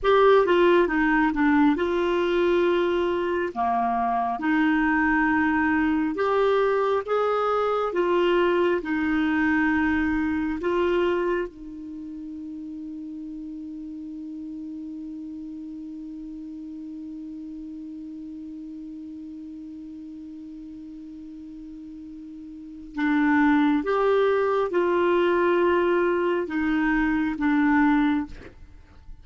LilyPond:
\new Staff \with { instrumentName = "clarinet" } { \time 4/4 \tempo 4 = 68 g'8 f'8 dis'8 d'8 f'2 | ais4 dis'2 g'4 | gis'4 f'4 dis'2 | f'4 dis'2.~ |
dis'1~ | dis'1~ | dis'2 d'4 g'4 | f'2 dis'4 d'4 | }